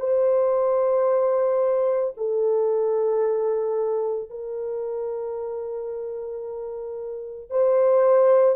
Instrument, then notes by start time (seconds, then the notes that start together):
horn
0.00 C5
2.17 A4
4.30 A#4
7.50 C5